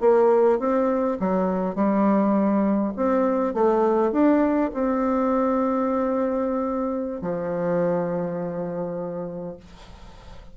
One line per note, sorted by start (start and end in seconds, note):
0.00 0.59 A#3
0.59 1.18 C4
1.19 1.75 F#3
1.75 2.93 G3
2.96 3.53 C4
3.53 4.12 A3
4.12 4.71 D4
4.73 7.21 C4
7.21 9.56 F3